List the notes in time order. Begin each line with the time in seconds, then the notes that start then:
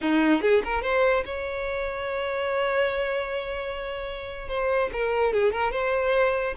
0.01 D#4
0.41 G#4
0.64 A#4
0.82 C5
1.25 C#5
4.48 C5
4.92 A#4
5.33 G#4
5.52 A#4
5.71 C5